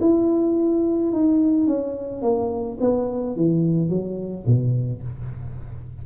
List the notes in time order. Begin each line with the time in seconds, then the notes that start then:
0.00 E4
1.11 D#4
1.66 C#4
2.21 A#3
2.80 B3
3.35 E3
3.89 F#3
4.46 B2